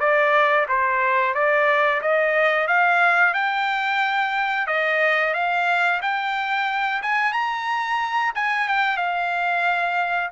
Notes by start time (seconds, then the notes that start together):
0.00 D5
0.68 C5
1.34 D5
2.02 D#5
2.67 F5
3.34 G5
4.67 D#5
5.34 F5
6.02 G5
7.02 G#5
7.32 A#5
8.35 G#5
8.68 G5
8.97 F5